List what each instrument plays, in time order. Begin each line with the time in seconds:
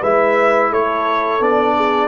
0.00 tuba G#3, trombone E4, horn B4, trumpet E5
0.70 tuba A3, horn A4, trumpet C#5
1.40 tuba B3, trombone D4, trumpet D5
1.76 horn G#4